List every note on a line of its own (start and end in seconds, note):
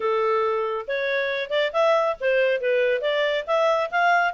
0.00 0.86 A4
0.87 1.50 C#5
1.50 1.71 D5
1.72 2.16 E5
2.20 2.60 C5
2.60 3.01 B4
3.01 3.44 D5
3.47 3.90 E5
3.90 4.34 F5